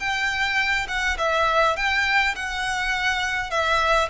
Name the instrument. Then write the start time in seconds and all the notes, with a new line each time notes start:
violin
0.00 G5
0.88 F#5
1.18 E5
1.77 G5
2.36 F#5
3.51 E5